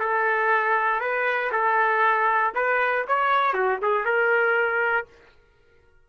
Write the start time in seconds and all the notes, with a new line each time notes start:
0.00 A4
1.01 B4
1.52 A4
2.55 B4
3.08 C#5
3.54 F#4
3.82 G#4
4.05 A#4